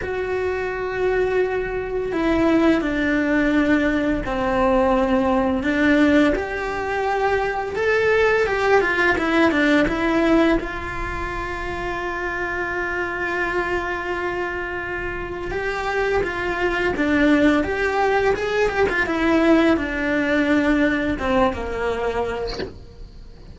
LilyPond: \new Staff \with { instrumentName = "cello" } { \time 4/4 \tempo 4 = 85 fis'2. e'4 | d'2 c'2 | d'4 g'2 a'4 | g'8 f'8 e'8 d'8 e'4 f'4~ |
f'1~ | f'2 g'4 f'4 | d'4 g'4 gis'8 g'16 f'16 e'4 | d'2 c'8 ais4. | }